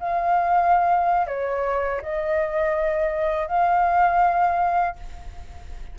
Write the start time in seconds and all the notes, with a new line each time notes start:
0.00 F5
1.27 C#5
2.02 D#5
3.48 F5